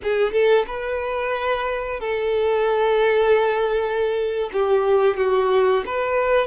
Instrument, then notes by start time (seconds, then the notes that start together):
violin
0.02 G#4
0.32 A4
0.66 B4
1.99 A4
4.52 G4
5.16 F#4
5.85 B4